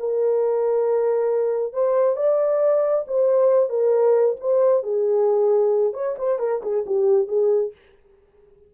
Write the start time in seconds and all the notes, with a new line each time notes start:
0.00 A#4
1.73 C5
2.17 D5
3.08 C5
3.70 A#4
4.41 C5
4.84 G#4
5.94 C#5
6.19 C5
6.40 A#4
6.63 G#4
6.87 G4
7.28 G#4